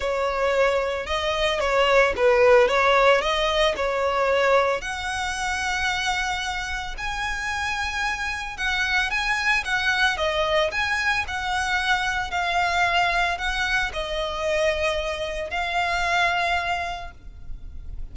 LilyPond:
\new Staff \with { instrumentName = "violin" } { \time 4/4 \tempo 4 = 112 cis''2 dis''4 cis''4 | b'4 cis''4 dis''4 cis''4~ | cis''4 fis''2.~ | fis''4 gis''2. |
fis''4 gis''4 fis''4 dis''4 | gis''4 fis''2 f''4~ | f''4 fis''4 dis''2~ | dis''4 f''2. | }